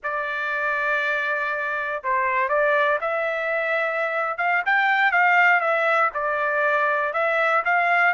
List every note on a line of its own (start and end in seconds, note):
0.03 2.03 D5
2.03 2.48 C5
2.48 2.98 D5
3.00 4.37 E5
4.37 4.62 F5
4.65 5.11 G5
5.11 5.60 F5
5.60 6.10 E5
6.14 7.12 D5
7.12 7.62 E5
7.64 8.13 F5